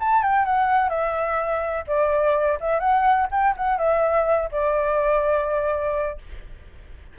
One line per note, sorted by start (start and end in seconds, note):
0.00 0.23 A5
0.23 0.45 G5
0.45 0.89 F#5
0.89 1.84 E5
1.87 2.58 D5
2.60 2.80 E5
2.80 3.27 F#5
3.31 3.55 G5
3.57 3.78 F#5
3.78 4.50 E5
4.52 6.18 D5